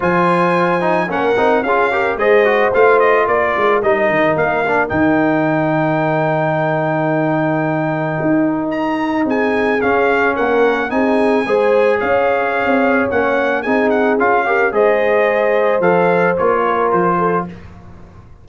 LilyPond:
<<
  \new Staff \with { instrumentName = "trumpet" } { \time 4/4 \tempo 4 = 110 gis''2 fis''4 f''4 | dis''4 f''8 dis''8 d''4 dis''4 | f''4 g''2.~ | g''1 |
ais''4 gis''4 f''4 fis''4 | gis''2 f''2 | fis''4 gis''8 fis''8 f''4 dis''4~ | dis''4 f''4 cis''4 c''4 | }
  \new Staff \with { instrumentName = "horn" } { \time 4/4 c''2 ais'4 gis'8 ais'8 | c''2 ais'2~ | ais'1~ | ais'1~ |
ais'4 gis'2 ais'4 | gis'4 c''4 cis''2~ | cis''4 gis'4. ais'8 c''4~ | c''2~ c''8 ais'4 a'8 | }
  \new Staff \with { instrumentName = "trombone" } { \time 4/4 f'4. dis'8 cis'8 dis'8 f'8 g'8 | gis'8 fis'8 f'2 dis'4~ | dis'8 d'8 dis'2.~ | dis'1~ |
dis'2 cis'2 | dis'4 gis'2. | cis'4 dis'4 f'8 g'8 gis'4~ | gis'4 a'4 f'2 | }
  \new Staff \with { instrumentName = "tuba" } { \time 4/4 f2 ais8 c'8 cis'4 | gis4 a4 ais8 gis8 g8 dis8 | ais4 dis2.~ | dis2. dis'4~ |
dis'4 c'4 cis'4 ais4 | c'4 gis4 cis'4~ cis'16 c'8. | ais4 c'4 cis'4 gis4~ | gis4 f4 ais4 f4 | }
>>